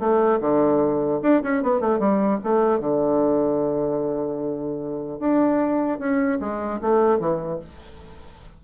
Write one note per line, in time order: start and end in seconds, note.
0.00 0.40 A3
0.41 1.21 D3
1.23 1.43 D4
1.43 1.63 C#4
1.63 1.81 B3
1.81 2.00 A3
2.00 2.40 G3
2.44 2.80 A3
2.80 5.20 D3
5.20 5.99 D4
5.99 6.39 C#4
6.40 6.80 G#3
6.82 7.20 A3
7.20 7.60 E3